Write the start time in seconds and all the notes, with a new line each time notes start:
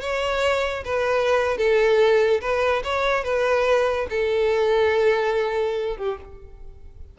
0.00 C#5
0.84 B4
1.57 A4
2.41 B4
2.83 C#5
3.23 B4
4.09 A4
5.97 G4